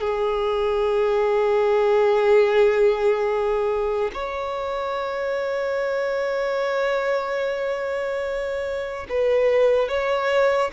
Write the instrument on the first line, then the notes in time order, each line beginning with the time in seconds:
violin
0.00 G#4
4.13 C#5
9.09 B4
9.88 C#5